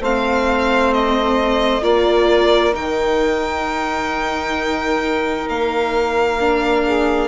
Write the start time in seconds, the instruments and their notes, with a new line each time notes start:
0.00 bassoon A3, viola C4, saxophone C5, violin F5
0.93 violin D#5
1.82 bassoon A#3, viola F4, saxophone A#4, violin D5
2.73 bassoon D#3, viola D#4, violin G5
5.48 bassoon A#3, violin F5
6.40 viola D4
6.84 saxophone G#4